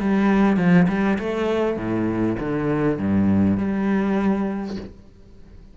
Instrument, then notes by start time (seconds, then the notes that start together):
cello
0.00 G3
0.57 F3
0.88 G3
1.19 A3
1.77 A2
2.39 D3
2.98 G2
3.58 G3